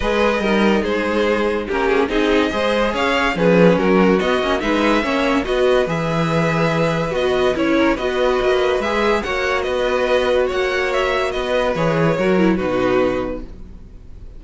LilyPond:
<<
  \new Staff \with { instrumentName = "violin" } { \time 4/4 \tempo 4 = 143 dis''2 c''2 | ais'8 gis'8 dis''2 f''4 | b'4 ais'4 dis''4 e''4~ | e''4 dis''4 e''2~ |
e''4 dis''4 cis''4 dis''4~ | dis''4 e''4 fis''4 dis''4~ | dis''4 fis''4 e''4 dis''4 | cis''2 b'2 | }
  \new Staff \with { instrumentName = "violin" } { \time 4/4 b'4 ais'4 gis'2 | g'4 gis'4 c''4 cis''4 | gis'4 fis'2 b'4 | cis''4 b'2.~ |
b'2~ b'8 ais'8 b'4~ | b'2 cis''4 b'4~ | b'4 cis''2 b'4~ | b'4 ais'4 fis'2 | }
  \new Staff \with { instrumentName = "viola" } { \time 4/4 gis'4 dis'2. | cis'4 dis'4 gis'2 | cis'2 b8 cis'8 dis'4 | cis'4 fis'4 gis'2~ |
gis'4 fis'4 e'4 fis'4~ | fis'4 gis'4 fis'2~ | fis'1 | gis'4 fis'8 e'8 dis'2 | }
  \new Staff \with { instrumentName = "cello" } { \time 4/4 gis4 g4 gis2 | ais4 c'4 gis4 cis'4 | f4 fis4 b8 ais8 gis4 | ais4 b4 e2~ |
e4 b4 cis'4 b4 | ais4 gis4 ais4 b4~ | b4 ais2 b4 | e4 fis4 b,2 | }
>>